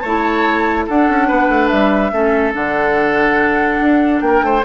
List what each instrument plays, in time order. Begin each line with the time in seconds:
0.00 bassoon A3, oboe C#5, flute A5
0.06 clarinet E4
0.86 bassoon D4, clarinet D4, oboe A4, flute F#5
1.09 bassoon C#4
1.27 bassoon B3, oboe B4
1.49 bassoon A3
1.68 bassoon G3, flute E5
2.12 bassoon A3, clarinet C#4, oboe A4
2.53 bassoon D3, clarinet D4, flute F#5
3.81 bassoon D4
4.21 bassoon A#3, oboe A#4, flute G5
4.42 bassoon A3, oboe C5